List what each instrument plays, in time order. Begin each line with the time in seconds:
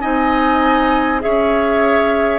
0.00 bassoon C4, clarinet D#4, oboe D#5, flute G#5
1.20 bassoon C#4, clarinet G#4, oboe C#5, flute E5